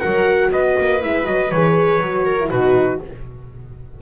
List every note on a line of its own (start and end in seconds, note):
0.00 0.51 F#3
0.00 1.01 F#4
0.00 0.50 A#4
0.00 0.50 F#5
0.51 0.76 B3
0.51 2.25 B4
0.51 1.02 D#5
0.79 1.04 A#3
1.01 1.27 G#3
1.01 1.24 E4
1.01 1.26 E5
1.24 1.52 F#3
1.24 1.49 F#4
1.24 1.51 D#5
1.51 2.00 E3
1.51 2.03 G#4
1.51 2.50 C#5
2.00 2.50 F#3
2.00 2.40 F#4
2.25 2.50 A#4
2.41 2.52 E4
2.50 3.01 B2
2.50 3.02 D#4
2.50 3.00 F#4
2.50 3.00 B4